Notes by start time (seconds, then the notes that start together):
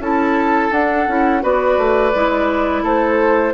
0.00 C#4 E4 A4 A5
0.71 D4 F#5
1.08 C#4 E4
1.41 B3 F#4 B4 D5
1.78 A3
2.15 G#3 E4
2.83 A3 A4 C5